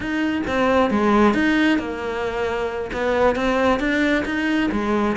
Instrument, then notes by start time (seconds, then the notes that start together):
cello
0.00 D#4
0.47 C4
0.90 G#3
1.34 D#4
1.78 A#3
2.92 B3
3.35 C4
3.79 D4
4.25 D#4
4.71 G#3